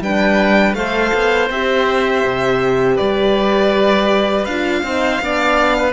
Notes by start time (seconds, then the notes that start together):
0.00 G3 D4 B4 G5
0.74 A3 A4 C5 F5
1.14 B3
1.50 C4 G4 E5
2.25 C3
2.95 G3 B4 D5
4.45 D4 F4 F5
4.83 C4 D#4 C5
5.21 B3 D4 D5
5.78 B4